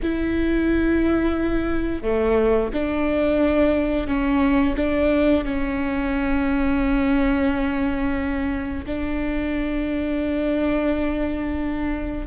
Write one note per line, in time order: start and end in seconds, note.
0.02 2.02 E4
2.02 2.70 A3
2.73 4.07 D4
4.07 4.75 C#4
4.76 5.44 D4
5.44 8.85 C#4
8.86 12.26 D4